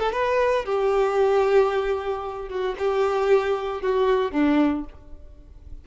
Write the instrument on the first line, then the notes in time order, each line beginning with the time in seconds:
violin
0.00 A4
0.13 B4
0.66 G4
2.50 F#4
2.79 G4
3.83 F#4
4.32 D4